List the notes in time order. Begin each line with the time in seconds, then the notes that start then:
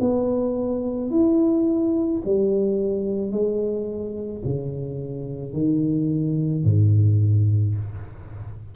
0.00 B3
1.11 E4
2.25 G3
3.31 G#3
4.44 C#3
5.53 D#3
6.64 G#2